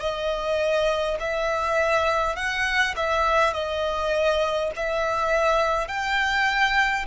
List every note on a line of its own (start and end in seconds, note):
0.00 1.18 D#5
1.20 2.36 E5
2.36 2.95 F#5
2.96 3.53 E5
3.53 4.71 D#5
4.76 5.88 E5
5.88 7.06 G5